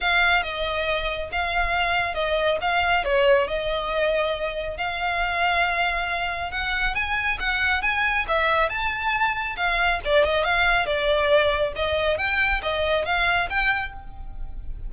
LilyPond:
\new Staff \with { instrumentName = "violin" } { \time 4/4 \tempo 4 = 138 f''4 dis''2 f''4~ | f''4 dis''4 f''4 cis''4 | dis''2. f''4~ | f''2. fis''4 |
gis''4 fis''4 gis''4 e''4 | a''2 f''4 d''8 dis''8 | f''4 d''2 dis''4 | g''4 dis''4 f''4 g''4 | }